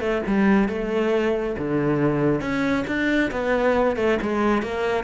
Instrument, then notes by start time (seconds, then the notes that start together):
cello
0.00 A3
0.26 G3
0.68 A3
1.58 D3
2.40 C#4
2.87 D4
3.31 B3
3.96 A3
4.22 G#3
4.62 A#3